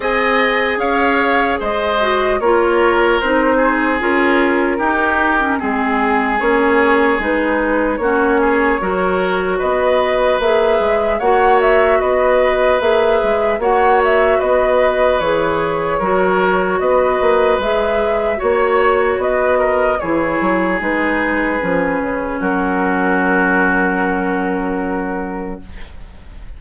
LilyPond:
<<
  \new Staff \with { instrumentName = "flute" } { \time 4/4 \tempo 4 = 75 gis''4 f''4 dis''4 cis''4 | c''4 ais'2 gis'4 | cis''4 b'4 cis''2 | dis''4 e''4 fis''8 e''8 dis''4 |
e''4 fis''8 e''8 dis''4 cis''4~ | cis''4 dis''4 e''4 cis''4 | dis''4 cis''4 b'2 | ais'1 | }
  \new Staff \with { instrumentName = "oboe" } { \time 4/4 dis''4 cis''4 c''4 ais'4~ | ais'8 gis'4. g'4 gis'4~ | gis'2 fis'8 gis'8 ais'4 | b'2 cis''4 b'4~ |
b'4 cis''4 b'2 | ais'4 b'2 cis''4 | b'8 ais'8 gis'2. | fis'1 | }
  \new Staff \with { instrumentName = "clarinet" } { \time 4/4 gis'2~ gis'8 fis'8 f'4 | dis'4 f'4 dis'8. cis'16 c'4 | cis'4 dis'4 cis'4 fis'4~ | fis'4 gis'4 fis'2 |
gis'4 fis'2 gis'4 | fis'2 gis'4 fis'4~ | fis'4 e'4 dis'4 cis'4~ | cis'1 | }
  \new Staff \with { instrumentName = "bassoon" } { \time 4/4 c'4 cis'4 gis4 ais4 | c'4 cis'4 dis'4 gis4 | ais4 gis4 ais4 fis4 | b4 ais8 gis8 ais4 b4 |
ais8 gis8 ais4 b4 e4 | fis4 b8 ais8 gis4 ais4 | b4 e8 fis8 gis4 f8 cis8 | fis1 | }
>>